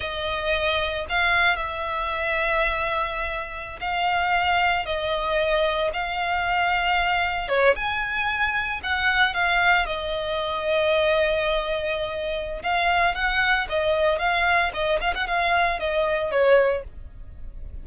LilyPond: \new Staff \with { instrumentName = "violin" } { \time 4/4 \tempo 4 = 114 dis''2 f''4 e''4~ | e''2.~ e''16 f''8.~ | f''4~ f''16 dis''2 f''8.~ | f''2~ f''16 cis''8 gis''4~ gis''16~ |
gis''8. fis''4 f''4 dis''4~ dis''16~ | dis''1 | f''4 fis''4 dis''4 f''4 | dis''8 f''16 fis''16 f''4 dis''4 cis''4 | }